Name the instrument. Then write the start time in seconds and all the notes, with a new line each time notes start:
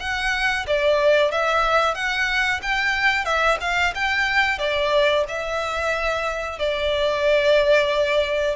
violin
0.00 F#5
0.67 D5
1.32 E5
1.95 F#5
2.63 G5
3.25 E5
3.61 F5
3.95 G5
4.59 D5
5.28 E5
6.59 D5